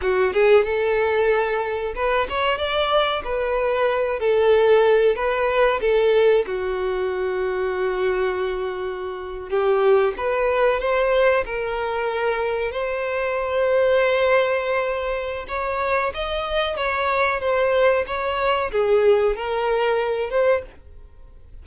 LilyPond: \new Staff \with { instrumentName = "violin" } { \time 4/4 \tempo 4 = 93 fis'8 gis'8 a'2 b'8 cis''8 | d''4 b'4. a'4. | b'4 a'4 fis'2~ | fis'2~ fis'8. g'4 b'16~ |
b'8. c''4 ais'2 c''16~ | c''1 | cis''4 dis''4 cis''4 c''4 | cis''4 gis'4 ais'4. c''8 | }